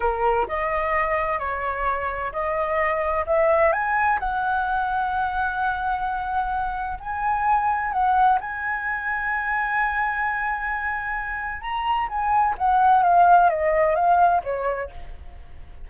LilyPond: \new Staff \with { instrumentName = "flute" } { \time 4/4 \tempo 4 = 129 ais'4 dis''2 cis''4~ | cis''4 dis''2 e''4 | gis''4 fis''2.~ | fis''2. gis''4~ |
gis''4 fis''4 gis''2~ | gis''1~ | gis''4 ais''4 gis''4 fis''4 | f''4 dis''4 f''4 cis''4 | }